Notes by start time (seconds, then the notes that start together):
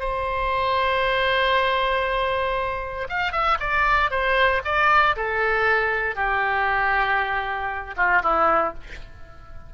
0.00 C5
3.09 F5
3.33 E5
3.60 D5
4.11 C5
4.65 D5
5.17 A4
6.16 G4
7.97 F4
8.23 E4